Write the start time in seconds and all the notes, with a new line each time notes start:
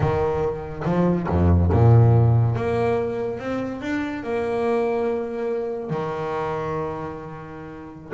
0.00 D#3
0.85 F3
1.28 F2
1.72 A#2
2.55 A#3
3.39 C4
3.81 D4
4.23 A#3
5.90 D#3